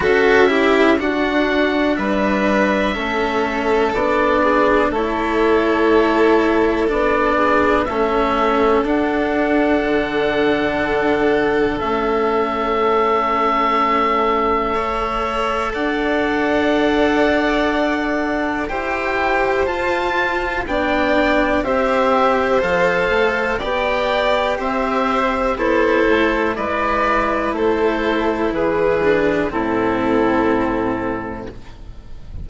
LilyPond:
<<
  \new Staff \with { instrumentName = "oboe" } { \time 4/4 \tempo 4 = 61 e''4 fis''4 e''2 | d''4 cis''2 d''4 | e''4 fis''2. | e''1 |
fis''2. g''4 | a''4 g''4 e''4 f''4 | g''4 e''4 c''4 d''4 | c''4 b'4 a'2 | }
  \new Staff \with { instrumentName = "violin" } { \time 4/4 a'8 g'8 fis'4 b'4 a'4~ | a'8 gis'8 a'2~ a'8 gis'8 | a'1~ | a'2. cis''4 |
d''2. c''4~ | c''4 d''4 c''2 | d''4 c''4 e'4 b'4 | a'4 gis'4 e'2 | }
  \new Staff \with { instrumentName = "cello" } { \time 4/4 fis'8 e'8 d'2 cis'4 | d'4 e'2 d'4 | cis'4 d'2. | cis'2. a'4~ |
a'2. g'4 | f'4 d'4 g'4 a'4 | g'2 a'4 e'4~ | e'4. d'8 c'2 | }
  \new Staff \with { instrumentName = "bassoon" } { \time 4/4 cis'4 d'4 g4 a4 | b4 a2 b4 | a4 d'4 d2 | a1 |
d'2. e'4 | f'4 b4 c'4 f8 a8 | b4 c'4 b8 a8 gis4 | a4 e4 a,2 | }
>>